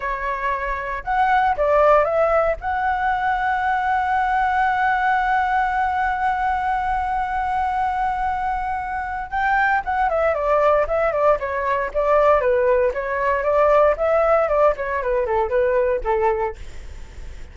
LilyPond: \new Staff \with { instrumentName = "flute" } { \time 4/4 \tempo 4 = 116 cis''2 fis''4 d''4 | e''4 fis''2.~ | fis''1~ | fis''1~ |
fis''2 g''4 fis''8 e''8 | d''4 e''8 d''8 cis''4 d''4 | b'4 cis''4 d''4 e''4 | d''8 cis''8 b'8 a'8 b'4 a'4 | }